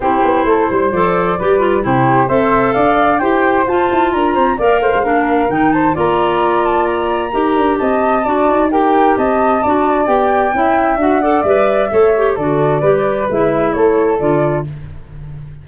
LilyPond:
<<
  \new Staff \with { instrumentName = "flute" } { \time 4/4 \tempo 4 = 131 c''2 d''2 | c''4 e''4 f''4 g''4 | a''4 ais''4 f''2 | g''8 a''8 ais''4. a''8 ais''4~ |
ais''4 a''2 g''4 | a''2 g''2 | fis''4 e''2 d''4~ | d''4 e''4 cis''4 d''4 | }
  \new Staff \with { instrumentName = "flute" } { \time 4/4 g'4 a'8 c''4. b'4 | g'4 c''4 d''4 c''4~ | c''4 ais'8 c''8 d''8 c''8 ais'4~ | ais'8 c''8 d''2. |
ais'4 dis''4 d''4 ais'4 | dis''4 d''2 e''4~ | e''8 d''4. cis''4 a'4 | b'2 a'2 | }
  \new Staff \with { instrumentName = "clarinet" } { \time 4/4 e'2 a'4 g'8 f'8 | e'4 a'2 g'4 | f'2 ais'4 d'4 | dis'4 f'2. |
g'2 fis'4 g'4~ | g'4 fis'4 g'4 e'4 | fis'8 a'8 b'4 a'8 g'8 fis'4 | g'4 e'2 f'4 | }
  \new Staff \with { instrumentName = "tuba" } { \time 4/4 c'8 b8 a8 g8 f4 g4 | c4 c'4 d'4 e'4 | f'8 e'8 d'8 c'8 ais8 a16 gis16 ais4 | dis4 ais2. |
dis'8 d'8 c'4 d'8 dis'4. | c'4 d'4 b4 cis'4 | d'4 g4 a4 d4 | g4 gis4 a4 d4 | }
>>